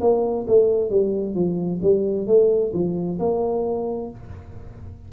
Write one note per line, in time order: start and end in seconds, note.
0.00 0.45 A#3
0.47 0.90 A3
0.90 1.34 G3
1.34 1.80 F3
1.82 2.26 G3
2.26 2.72 A3
2.73 3.18 F3
3.19 4.10 A#3